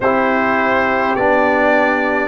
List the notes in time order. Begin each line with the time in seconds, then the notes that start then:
0.00 C4 E4 G4 C5
1.15 B3 D4 D5